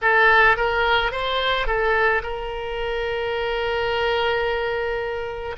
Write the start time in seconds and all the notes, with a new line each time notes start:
0.01 A4
0.57 A#4
1.11 C5
1.66 A4
2.22 A#4